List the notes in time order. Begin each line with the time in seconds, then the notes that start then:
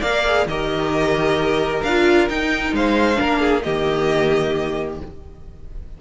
0.00 A#3 A#4 D5 F5
0.26 G#4
0.46 D#3 G4 A#4 D#5
1.83 D4 F4 F5
2.29 D#4 G5
2.72 G#3 C5 F5
3.15 A#3 D4 A#4
3.40 G#4
3.62 D#3 A#3 G4 D#5